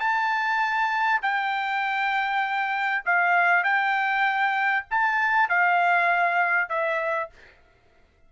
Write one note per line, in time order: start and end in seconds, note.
0.00 1.21 A5
1.23 3.04 G5
3.06 3.64 F5
3.64 4.85 G5
4.91 5.49 A5
5.49 6.70 F5
6.70 7.30 E5